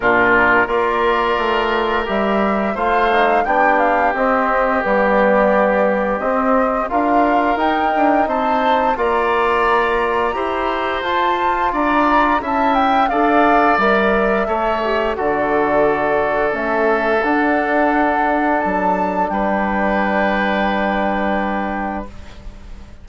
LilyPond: <<
  \new Staff \with { instrumentName = "flute" } { \time 4/4 \tempo 4 = 87 ais'4 d''2 e''4 | f''4 g''8 f''8 dis''4 d''4~ | d''4 dis''4 f''4 g''4 | a''4 ais''2. |
a''4 ais''4 a''8 g''8 f''4 | e''2 d''2 | e''4 fis''2 a''4 | g''1 | }
  \new Staff \with { instrumentName = "oboe" } { \time 4/4 f'4 ais'2. | c''4 g'2.~ | g'2 ais'2 | c''4 d''2 c''4~ |
c''4 d''4 e''4 d''4~ | d''4 cis''4 a'2~ | a'1 | b'1 | }
  \new Staff \with { instrumentName = "trombone" } { \time 4/4 d'4 f'2 g'4 | f'8 dis'8 d'4 c'4 b4~ | b4 c'4 f'4 dis'4~ | dis'4 f'2 g'4 |
f'2 e'4 a'4 | ais'4 a'8 g'8 fis'2 | cis'4 d'2.~ | d'1 | }
  \new Staff \with { instrumentName = "bassoon" } { \time 4/4 ais,4 ais4 a4 g4 | a4 b4 c'4 g4~ | g4 c'4 d'4 dis'8 d'8 | c'4 ais2 e'4 |
f'4 d'4 cis'4 d'4 | g4 a4 d2 | a4 d'2 fis4 | g1 | }
>>